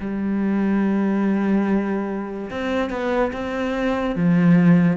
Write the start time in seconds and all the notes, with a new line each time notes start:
0.00 G3
2.50 C4
2.90 B3
3.32 C4
4.16 F3